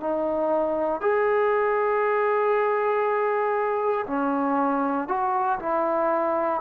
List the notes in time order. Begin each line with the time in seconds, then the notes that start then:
0.00 D#4
1.01 G#4
4.07 C#4
5.08 F#4
5.59 E4